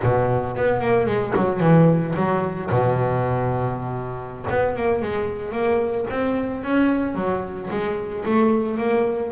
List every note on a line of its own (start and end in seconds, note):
0.02 0.56 B2
0.56 0.81 B3
0.81 1.06 A#3
1.06 1.33 G#3
1.36 1.60 F#3
1.60 2.14 E3
2.16 2.70 F#3
2.70 4.46 B2
4.50 4.76 B3
4.76 5.01 A#3
5.01 5.52 G#3
5.52 6.06 A#3
6.10 6.63 C4
6.63 7.14 C#4
7.14 7.69 F#3
7.70 8.24 G#3
8.25 8.77 A3
8.77 9.31 A#3